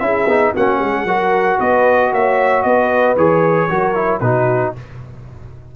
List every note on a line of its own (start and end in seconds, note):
0.00 0.27 C#4
0.00 0.27 E4
0.00 0.54 G#4
0.00 0.53 E5
0.27 0.53 B3
0.27 0.55 D#4
0.54 0.81 A#3
0.54 1.07 C#4
0.54 0.79 F#4
0.54 1.60 F#5
0.79 1.05 G#3
0.79 1.05 G#4
1.05 1.57 F#3
1.05 3.18 F#4
1.05 1.59 A#4
1.59 2.13 B3
1.59 2.12 B4
1.59 2.13 D#5
2.12 2.65 A#3
2.12 2.65 C#5
2.12 2.63 E5
2.63 3.17 B3
2.63 3.69 B4
2.63 3.16 D#5
3.17 3.69 E3
3.17 3.70 G#4
3.17 4.20 C#5
3.69 4.21 F#3
3.69 3.95 F#4
3.69 4.22 A#4
3.95 4.21 E4
4.20 4.74 B2
4.20 4.76 D#4
4.20 4.75 F#4
4.20 4.73 B4